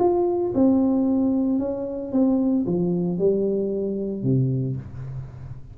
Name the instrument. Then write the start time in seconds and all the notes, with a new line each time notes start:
tuba
0.00 F4
0.55 C4
1.59 C#4
2.13 C4
2.67 F3
3.19 G3
4.24 C3